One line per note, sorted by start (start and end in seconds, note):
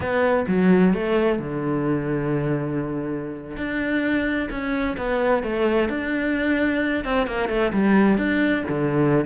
0.00 0.45 B3
0.47 0.93 F#3
0.93 1.38 A3
1.38 3.56 D3
3.56 4.49 D4
4.50 4.96 C#4
4.97 5.43 B3
5.43 5.89 A3
5.89 7.04 D4
7.04 7.27 C4
7.27 7.48 A#3
7.48 7.71 A3
7.72 8.17 G3
8.17 8.63 D4
8.68 9.25 D3